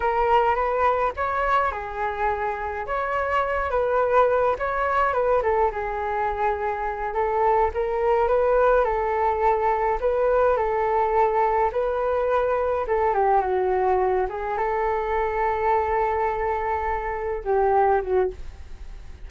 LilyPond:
\new Staff \with { instrumentName = "flute" } { \time 4/4 \tempo 4 = 105 ais'4 b'4 cis''4 gis'4~ | gis'4 cis''4. b'4. | cis''4 b'8 a'8 gis'2~ | gis'8 a'4 ais'4 b'4 a'8~ |
a'4. b'4 a'4.~ | a'8 b'2 a'8 g'8 fis'8~ | fis'4 gis'8 a'2~ a'8~ | a'2~ a'8 g'4 fis'8 | }